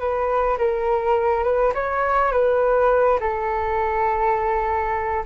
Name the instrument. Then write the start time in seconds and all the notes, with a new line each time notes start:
flute
0.00 B4
0.59 A#4
1.44 B4
1.75 C#5
2.32 B4
3.21 A4